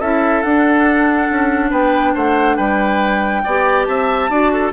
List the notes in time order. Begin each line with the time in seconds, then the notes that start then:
0.00 C#4 E4 A4 E5
0.42 D4 F#5
1.30 C#4
1.70 B3 B4 G5
2.14 A3 C5 F#5
2.56 G3 B4 G5
3.44 B3 G4 D5
3.84 C4 E5 A5
4.30 D4 F#4 D5
4.53 A4